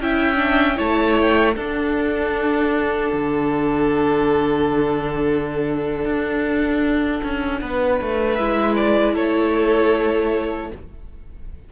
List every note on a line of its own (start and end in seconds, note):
0.00 0.78 C#4
0.00 0.36 E4
0.00 0.77 E5
0.00 0.79 G5
0.36 0.75 D4
0.75 1.56 A3
0.75 1.53 E4
0.75 1.55 C#5
0.75 1.18 A5
1.21 1.56 G5
1.55 3.12 D4
1.55 8.38 D4
1.55 7.59 A4
1.55 8.35 F#5
3.13 6.05 D3
6.05 7.21 D4
7.23 7.61 C#4
7.61 8.00 B3
7.61 9.13 B4
8.01 8.39 A3
8.35 9.16 G#3
8.35 10.72 E4
8.35 8.74 E5
8.75 9.14 D5
9.13 10.71 A3
9.13 10.69 A4
9.13 10.71 C#5